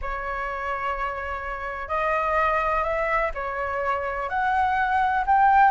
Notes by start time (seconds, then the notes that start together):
0.01 C#5
1.88 D#5
2.83 E5
3.34 C#5
4.29 F#5
5.26 G5